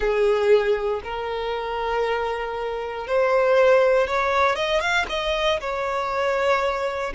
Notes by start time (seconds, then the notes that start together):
0.00 G#4
1.04 A#4
3.07 C5
4.07 C#5
4.55 D#5
4.80 F5
5.09 D#5
5.60 C#5